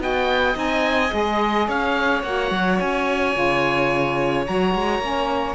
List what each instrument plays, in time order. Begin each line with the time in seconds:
0.00 cello B3, saxophone F#4, violin D#5, oboe G5
0.54 cello C4, saxophone D#4, oboe G#5
1.11 cello G#3, saxophone G#4, oboe D#5
1.68 cello C#4, violin C#5, oboe F5
2.23 cello A#3, saxophone F#4, oboe F#5
2.51 cello F#3
2.79 cello C#4, oboe G#5
3.34 cello C#3, saxophone F4
4.47 cello F#3, saxophone F#4, oboe A#5
4.74 cello G#3
4.99 cello A#3, saxophone C#4